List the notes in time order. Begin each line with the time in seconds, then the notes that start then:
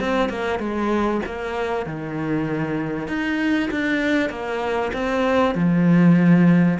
0.00 C4
0.29 A#3
0.59 G#3
1.26 A#3
1.86 D#3
3.08 D#4
3.71 D4
4.30 A#3
4.93 C4
5.55 F3